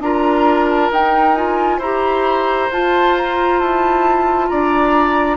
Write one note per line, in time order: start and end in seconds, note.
0.00 0.90 D4
0.00 0.92 F4
0.00 1.78 A#4
0.00 0.68 A#5
0.69 0.91 A5
0.91 1.79 D#4
0.91 1.36 D#4
0.91 1.35 G5
1.35 1.81 F4
1.35 1.80 G#5
1.78 2.68 E4
1.78 2.71 G4
1.78 4.47 C5
1.78 2.71 A#5
2.71 3.60 F4
2.71 5.37 F4
2.71 3.17 A5
3.17 3.60 A#5
3.60 4.50 E4
3.60 4.48 A5
4.48 5.37 D4
4.48 5.37 D5
4.48 5.37 A#5